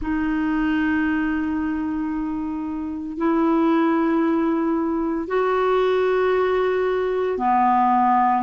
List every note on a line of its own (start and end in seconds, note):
0.01 3.17 D#4
3.17 5.27 E4
5.27 7.37 F#4
7.37 8.42 B3